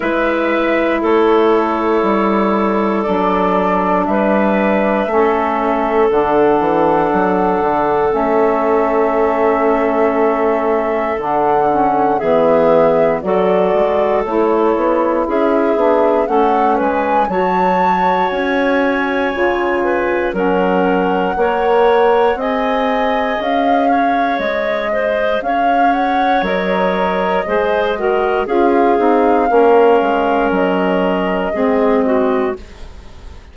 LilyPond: <<
  \new Staff \with { instrumentName = "flute" } { \time 4/4 \tempo 4 = 59 e''4 cis''2 d''4 | e''2 fis''2 | e''2. fis''4 | e''4 d''4 cis''4 e''4 |
fis''8 gis''8 a''4 gis''2 | fis''2 gis''4 f''4 | dis''4 f''8 fis''8 dis''2 | f''2 dis''2 | }
  \new Staff \with { instrumentName = "clarinet" } { \time 4/4 b'4 a'2. | b'4 a'2.~ | a'1 | gis'4 a'2 gis'4 |
a'8 b'8 cis''2~ cis''8 b'8 | ais'4 cis''4 dis''4. cis''8~ | cis''8 c''8 cis''2 c''8 ais'8 | gis'4 ais'2 gis'8 fis'8 | }
  \new Staff \with { instrumentName = "saxophone" } { \time 4/4 e'2. d'4~ | d'4 cis'4 d'2 | cis'2. d'8 cis'8 | b4 fis'4 e'4. d'8 |
cis'4 fis'2 f'4 | cis'4 ais'4 gis'2~ | gis'2 ais'4 gis'8 fis'8 | f'8 dis'8 cis'2 c'4 | }
  \new Staff \with { instrumentName = "bassoon" } { \time 4/4 gis4 a4 g4 fis4 | g4 a4 d8 e8 fis8 d8 | a2. d4 | e4 fis8 gis8 a8 b8 cis'8 b8 |
a8 gis8 fis4 cis'4 cis4 | fis4 ais4 c'4 cis'4 | gis4 cis'4 fis4 gis4 | cis'8 c'8 ais8 gis8 fis4 gis4 | }
>>